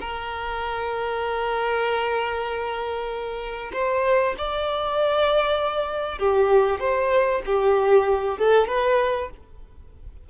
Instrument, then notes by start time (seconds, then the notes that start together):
violin
0.00 A#4
3.73 C5
4.37 D5
6.18 G4
6.79 C5
7.46 G4
8.38 A4
8.68 B4